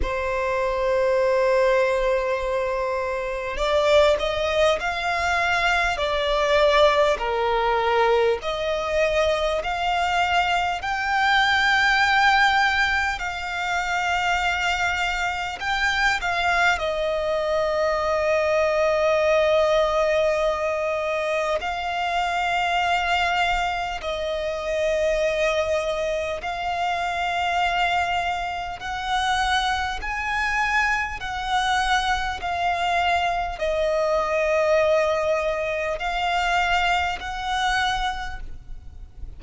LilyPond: \new Staff \with { instrumentName = "violin" } { \time 4/4 \tempo 4 = 50 c''2. d''8 dis''8 | f''4 d''4 ais'4 dis''4 | f''4 g''2 f''4~ | f''4 g''8 f''8 dis''2~ |
dis''2 f''2 | dis''2 f''2 | fis''4 gis''4 fis''4 f''4 | dis''2 f''4 fis''4 | }